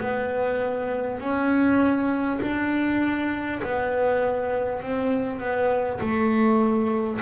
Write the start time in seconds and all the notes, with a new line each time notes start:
0.00 B3
1.21 C#4
2.42 D4
3.63 B3
4.82 C4
5.40 B3
6.01 A3